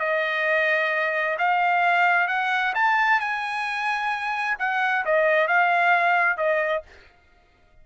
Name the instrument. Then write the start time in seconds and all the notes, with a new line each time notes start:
trumpet
0.00 D#5
1.39 F5
2.28 F#5
2.75 A5
3.20 G#5
4.59 F#5
5.05 D#5
5.48 F5
6.37 D#5